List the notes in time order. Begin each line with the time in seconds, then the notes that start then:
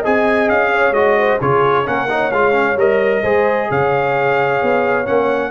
0.00 C4 G#4 D#5 G#5
0.49 C#4 F5
0.73 C#5
0.92 G#3 F#4 D#5
1.18 C5
1.41 C#3 F4 G#4 C#5
1.85 A#3 C#4 A#4 F#5
2.09 D#4 C#5
2.32 G#3 F4 F5
2.52 C#4
2.77 G3 A#4 D#5
3.22 G#3 G#4 C5
3.70 C#3 C#5 F5
4.62 B3
5.06 A#3 C#4 F#5